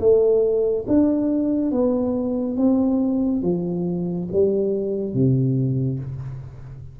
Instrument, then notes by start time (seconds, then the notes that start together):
tuba
0.00 A3
0.88 D4
1.72 B3
2.57 C4
3.42 F3
4.33 G3
5.14 C3